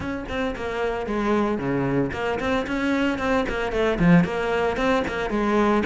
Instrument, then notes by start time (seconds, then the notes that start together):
cello
0.00 C#4
0.28 C4
0.56 A#3
1.06 G#3
1.57 C#3
2.12 A#3
2.39 C4
2.66 C#4
3.18 C4
3.49 A#3
3.71 A3
3.99 F3
4.24 A#3
4.76 C4
5.07 A#3
5.30 G#3